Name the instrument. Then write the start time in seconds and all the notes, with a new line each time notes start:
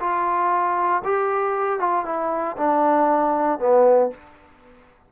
trombone
0.00 F4
1.05 G4
1.80 F4
2.05 E4
2.57 D4
3.59 B3